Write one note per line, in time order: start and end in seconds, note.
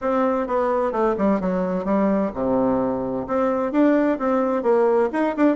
0.01 0.47 C4
0.47 0.92 B3
0.92 1.15 A3
1.17 1.40 G3
1.40 1.84 F#3
1.84 2.31 G3
2.33 3.26 C3
3.27 3.72 C4
3.72 4.18 D4
4.18 4.62 C4
4.62 5.09 A#3
5.12 5.35 D#4
5.36 5.56 D4